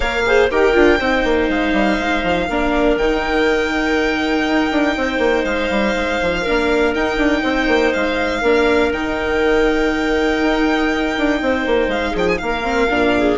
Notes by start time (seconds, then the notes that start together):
0.00 A#3 A#4 C#5 F5
0.25 G#4 C5
0.50 D#4 G4 A#4 G5
0.73 D4 F4
0.98 C4 D#4 C5
1.24 A#3
1.48 G#3 F5
1.72 G3
1.99 G#3
2.23 F3
2.47 A#3 D4 A#4
2.96 D#3 D#4 G5
4.45 D#4
4.71 D4
4.97 C4 C5
5.18 A#3
5.44 G#3 F5
5.70 G3
5.95 G#3
6.22 F3
6.41 D4 A#4
6.48 A#3
6.94 D#4 G5
7.17 D4
7.43 C4 C5
7.67 A#3
7.92 G#3 F5
8.41 A#3 D4 A#4
8.92 D#3 D#4 G5
10.41 D#4
11.17 D4
11.41 C4 C5
11.66 A#3
11.87 G#3 F5
12.11 F3 G#4
12.17 G5
12.28 G#5
12.38 A#3 A#4 F5
12.62 C4
12.90 A#2 D4
13.17 G#4